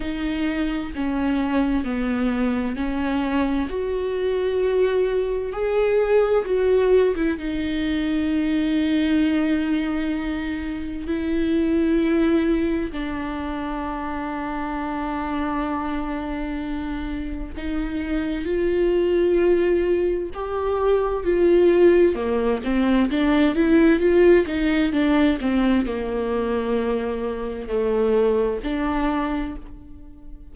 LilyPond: \new Staff \with { instrumentName = "viola" } { \time 4/4 \tempo 4 = 65 dis'4 cis'4 b4 cis'4 | fis'2 gis'4 fis'8. e'16 | dis'1 | e'2 d'2~ |
d'2. dis'4 | f'2 g'4 f'4 | ais8 c'8 d'8 e'8 f'8 dis'8 d'8 c'8 | ais2 a4 d'4 | }